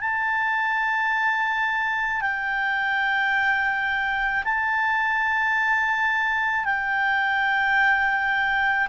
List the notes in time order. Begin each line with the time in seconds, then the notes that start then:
0.00 A5
2.21 G5
4.44 A5
6.65 G5